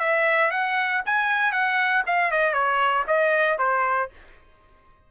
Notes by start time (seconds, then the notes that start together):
0.00 E5
0.51 F#5
1.06 G#5
1.52 F#5
2.07 F5
2.31 D#5
2.54 C#5
3.08 D#5
3.59 C5